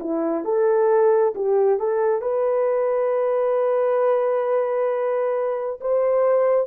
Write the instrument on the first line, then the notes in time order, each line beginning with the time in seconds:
horn
0.00 E4
0.45 A4
1.36 G4
1.80 A4
2.22 B4
5.81 C5